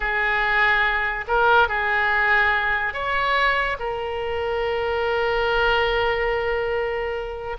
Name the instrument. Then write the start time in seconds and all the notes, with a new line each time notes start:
oboe
0.00 G#4
1.27 A#4
1.68 G#4
2.93 C#5
3.79 A#4